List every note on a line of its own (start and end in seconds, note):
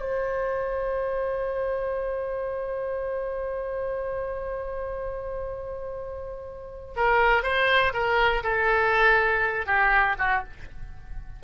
0.00 6.94 C5
6.96 7.43 A#4
7.43 7.92 C5
7.93 8.43 A#4
8.43 9.66 A4
9.66 10.16 G4
10.19 10.43 F#4